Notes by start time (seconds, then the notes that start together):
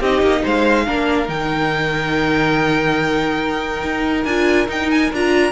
0.00 C4 D#4 G4 D#5
0.22 A#3
0.43 G#3 C5 F5
0.86 A#3 D4 A#4
1.26 D#3 D#4 G5
3.83 D#4
4.24 D4 F4 G#5
4.67 D#4 G5
4.91 G#5
5.13 D4 F4 A#5